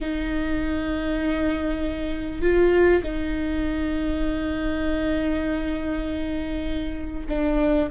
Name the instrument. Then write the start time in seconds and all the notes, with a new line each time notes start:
viola
0.00 D#4
2.41 F4
3.03 D#4
7.29 D4